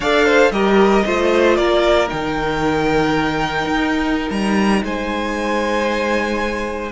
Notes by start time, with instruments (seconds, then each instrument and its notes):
0.00 cello D4, viola A4, violin D5 F5
0.25 violin C5
0.50 cello G3, viola G4, violin A#4 D#5
1.04 cello A3, viola F4, violin C5
1.56 cello A#3, violin A#4 D5
2.07 cello D#3, viola D#4, violin G5
3.65 cello D#4
4.30 cello G3, violin A#5
4.83 cello G#3, violin C5 G#5